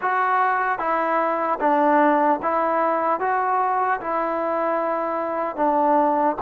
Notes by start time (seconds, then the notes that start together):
0.01 F#4
0.79 E4
1.60 D4
2.42 E4
3.20 F#4
4.00 E4
5.56 D4